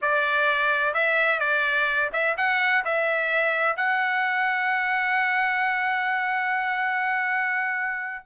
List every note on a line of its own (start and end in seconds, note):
0.01 0.94 D5
0.94 1.39 E5
1.39 2.10 D5
2.12 2.36 E5
2.37 2.84 F#5
2.84 3.76 E5
3.76 8.25 F#5